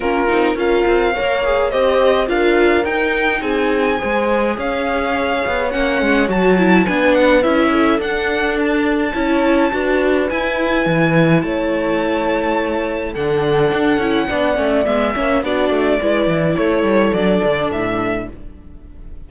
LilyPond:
<<
  \new Staff \with { instrumentName = "violin" } { \time 4/4 \tempo 4 = 105 ais'4 f''2 dis''4 | f''4 g''4 gis''2 | f''2 fis''4 a''4 | gis''8 fis''8 e''4 fis''4 a''4~ |
a''2 gis''2 | a''2. fis''4~ | fis''2 e''4 d''4~ | d''4 cis''4 d''4 e''4 | }
  \new Staff \with { instrumentName = "horn" } { \time 4/4 f'4 ais'4 cis''4 c''4 | ais'2 gis'4 c''4 | cis''1 | b'4. a'2~ a'8 |
cis''4 b'2. | cis''2. a'4~ | a'4 d''4. cis''8 fis'4 | b'4 a'2. | }
  \new Staff \with { instrumentName = "viola" } { \time 4/4 cis'8 dis'8 f'4 ais'8 gis'8 g'4 | f'4 dis'2 gis'4~ | gis'2 cis'4 fis'8 e'8 | d'4 e'4 d'2 |
e'4 fis'4 e'2~ | e'2. d'4~ | d'8 e'8 d'8 cis'8 b8 cis'8 d'4 | e'2 d'2 | }
  \new Staff \with { instrumentName = "cello" } { \time 4/4 ais8 c'8 cis'8 c'8 ais4 c'4 | d'4 dis'4 c'4 gis4 | cis'4. b8 ais8 gis8 fis4 | b4 cis'4 d'2 |
cis'4 d'4 e'4 e4 | a2. d4 | d'8 cis'8 b8 a8 gis8 ais8 b8 a8 | gis8 e8 a8 g8 fis8 d8 a,4 | }
>>